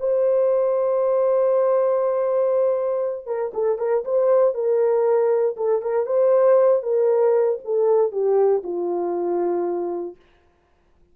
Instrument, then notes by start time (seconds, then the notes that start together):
horn
0.00 C5
3.27 A#4
3.54 A4
3.79 A#4
4.05 C5
4.54 A#4
5.57 A4
5.82 A#4
6.07 C5
6.83 A#4
7.65 A4
8.12 G4
8.63 F4